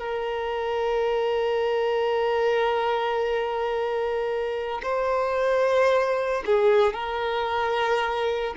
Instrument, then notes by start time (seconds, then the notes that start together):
violin
0.00 A#4
4.83 C5
6.46 G#4
6.94 A#4